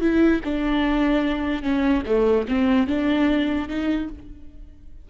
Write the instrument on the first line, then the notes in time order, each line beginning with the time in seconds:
viola
0.00 E4
0.44 D4
1.62 C#4
2.05 A3
2.48 C4
2.87 D4
3.68 D#4